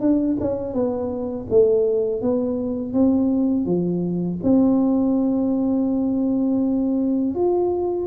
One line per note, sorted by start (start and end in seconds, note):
0.00 0.37 D4
0.40 0.74 C#4
0.74 1.47 B3
1.50 2.21 A3
2.21 2.93 B3
2.93 3.66 C4
3.66 4.39 F3
4.43 7.35 C4
7.35 8.07 F4